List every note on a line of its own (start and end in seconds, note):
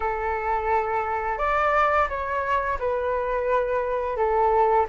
0.00 1.38 A4
1.38 2.07 D5
2.08 2.78 C#5
2.79 4.16 B4
4.16 4.86 A4